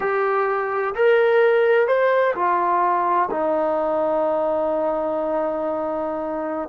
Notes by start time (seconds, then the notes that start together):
0.00 G4
0.95 A#4
1.87 C5
2.35 F4
3.30 D#4